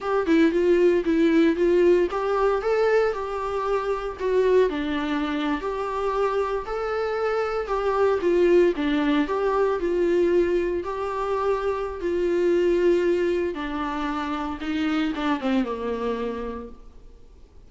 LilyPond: \new Staff \with { instrumentName = "viola" } { \time 4/4 \tempo 4 = 115 g'8 e'8 f'4 e'4 f'4 | g'4 a'4 g'2 | fis'4 d'4.~ d'16 g'4~ g'16~ | g'8. a'2 g'4 f'16~ |
f'8. d'4 g'4 f'4~ f'16~ | f'8. g'2~ g'16 f'4~ | f'2 d'2 | dis'4 d'8 c'8 ais2 | }